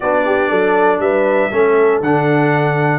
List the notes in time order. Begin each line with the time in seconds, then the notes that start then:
0.00 B3 D4 F#4 D5
0.25 G4
0.49 F#3 A4
0.99 G3 B4 E5
1.50 A3 C#4 A4
2.00 D3 D4 F#5